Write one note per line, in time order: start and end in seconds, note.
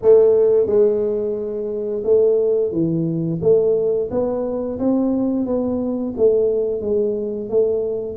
0.02 0.66 A3
0.66 2.02 G#3
2.04 2.71 A3
2.71 3.40 E3
3.41 4.09 A3
4.10 4.79 B3
4.79 5.45 C4
5.45 6.14 B3
6.17 6.81 A3
6.81 7.49 G#3
7.49 8.17 A3